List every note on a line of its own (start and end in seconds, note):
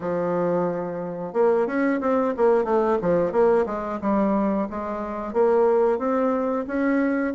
0.00 1.33 F3
1.33 1.66 A#3
1.66 2.00 C#4
2.00 2.34 C4
2.36 2.64 A#3
2.64 2.98 A3
3.01 3.32 F3
3.32 3.65 A#3
3.65 3.99 G#3
4.01 4.68 G3
4.70 5.33 G#3
5.33 5.98 A#3
5.98 6.65 C4
6.67 7.34 C#4